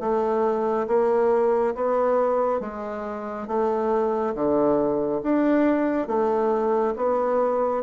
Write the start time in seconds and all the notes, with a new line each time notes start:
0.00 A3
0.87 A#3
1.75 B3
2.60 G#3
3.47 A3
4.34 D3
5.23 D4
6.07 A3
6.96 B3